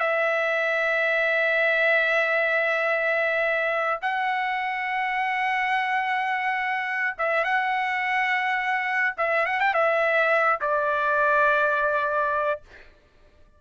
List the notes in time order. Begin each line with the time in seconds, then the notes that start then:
0.00 E5
4.02 F#5
7.18 E5
7.44 F#5
9.18 E5
9.46 F#5
9.60 G5
9.74 E5
10.61 D5